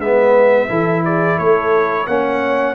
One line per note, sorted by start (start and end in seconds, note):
0.00 0.69 G#3
0.00 0.69 B3
0.00 0.70 B4
0.00 1.04 E5
0.69 1.39 E3
0.69 2.07 E4
0.69 1.04 A4
1.05 1.38 G#4
1.05 1.39 D5
1.38 2.08 A3
1.38 2.07 A4
1.38 2.07 C#5
2.07 2.76 A#3
2.07 2.76 C#4
2.07 2.76 C#5
2.07 2.76 F#5